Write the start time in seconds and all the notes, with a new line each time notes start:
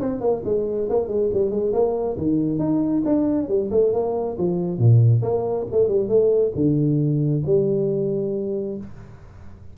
0.00 C4
0.21 A#3
0.45 G#3
0.90 A#3
1.08 G#3
1.33 G3
1.51 G#3
1.73 A#3
2.17 D#3
2.59 D#4
3.06 D4
3.49 G3
3.71 A3
3.93 A#3
4.38 F3
4.78 A#2
5.23 A#3
5.72 A3
5.88 G3
6.09 A3
6.55 D3
7.46 G3